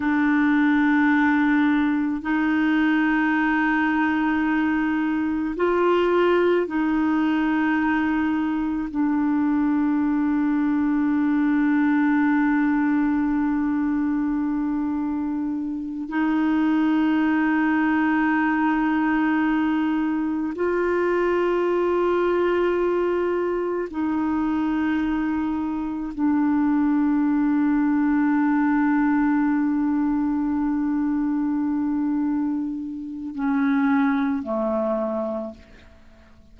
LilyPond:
\new Staff \with { instrumentName = "clarinet" } { \time 4/4 \tempo 4 = 54 d'2 dis'2~ | dis'4 f'4 dis'2 | d'1~ | d'2~ d'8 dis'4.~ |
dis'2~ dis'8 f'4.~ | f'4. dis'2 d'8~ | d'1~ | d'2 cis'4 a4 | }